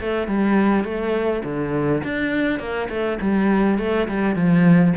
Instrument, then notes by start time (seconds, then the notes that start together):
cello
0.00 A3
0.27 G3
0.84 A3
1.44 D3
2.03 D4
2.59 A#3
2.89 A3
3.21 G3
3.78 A3
4.08 G3
4.35 F3